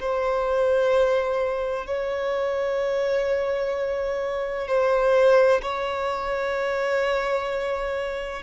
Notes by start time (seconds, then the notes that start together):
0.00 C5
1.87 C#5
4.67 C5
5.62 C#5